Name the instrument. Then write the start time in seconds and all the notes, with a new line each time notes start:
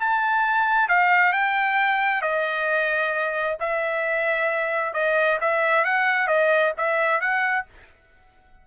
trumpet
0.00 A5
0.89 F5
1.33 G5
2.22 D#5
3.60 E5
4.94 D#5
5.41 E5
5.85 F#5
6.28 D#5
6.78 E5
7.21 F#5